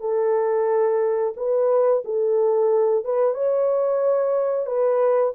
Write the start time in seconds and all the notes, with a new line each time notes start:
0.00 A4
1.36 B4
2.04 A4
3.04 B4
3.34 C#5
4.66 B4